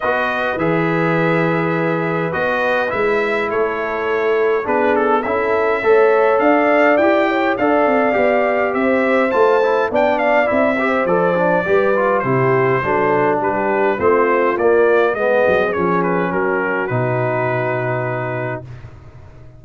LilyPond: <<
  \new Staff \with { instrumentName = "trumpet" } { \time 4/4 \tempo 4 = 103 dis''4 e''2. | dis''4 e''4 cis''2 | b'8 a'8 e''2 f''4 | g''4 f''2 e''4 |
a''4 g''8 f''8 e''4 d''4~ | d''4 c''2 b'4 | c''4 d''4 dis''4 cis''8 b'8 | ais'4 b'2. | }
  \new Staff \with { instrumentName = "horn" } { \time 4/4 b'1~ | b'2 a'2 | gis'4 a'4 cis''4 d''4~ | d''8 cis''8 d''2 c''4~ |
c''4 d''4. c''4. | b'4 g'4 a'4 g'4 | f'2 gis'2 | fis'1 | }
  \new Staff \with { instrumentName = "trombone" } { \time 4/4 fis'4 gis'2. | fis'4 e'2. | d'4 e'4 a'2 | g'4 a'4 g'2 |
f'8 e'8 d'4 e'8 g'8 a'8 d'8 | g'8 f'8 e'4 d'2 | c'4 ais4 b4 cis'4~ | cis'4 dis'2. | }
  \new Staff \with { instrumentName = "tuba" } { \time 4/4 b4 e2. | b4 gis4 a2 | b4 cis'4 a4 d'4 | e'4 d'8 c'8 b4 c'4 |
a4 b4 c'4 f4 | g4 c4 fis4 g4 | a4 ais4 gis8 fis8 f4 | fis4 b,2. | }
>>